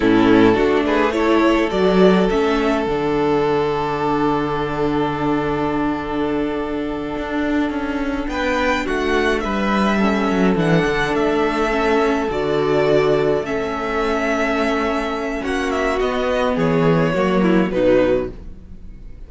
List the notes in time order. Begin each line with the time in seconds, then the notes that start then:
0.00 A2 C#4 E4 A4
0.54 A3 D4 F#4
0.85 G#4 B4
1.12 E4 A4 C#5
1.70 F#3 F#4 D5
2.30 A3 C#4 E5
2.86 D3 D4 F#5
7.17 D4
7.69 C#4
8.28 B3 B4 G5
8.85 A3 F#4 F#5
9.39 G3 B4 E5
9.98 C#4 A4
10.30 F#3
10.55 E3 D4 F#5
10.85 D3
11.13 A3 E5
11.70 C#4
12.29 D3 F#4 D5
13.41 A3 C#4 E5
15.42 A#3 F#4 F#5
15.70 E5
15.99 B3 D#5
16.54 E3 G#4 C#5
17.12 F#3 A#3 F#4
17.42 E4
17.70 B2 F#3 D#4 B4